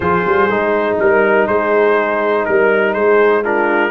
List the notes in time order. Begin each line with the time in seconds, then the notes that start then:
0.00 F3 F4 G#4 C5
0.26 G3
0.49 G#3 D#4
0.99 G3 A#4
1.47 G#3 G#4 C5
2.45 G3 A#4
2.93 G#3 G#4 C5
3.44 D4 F4 A#4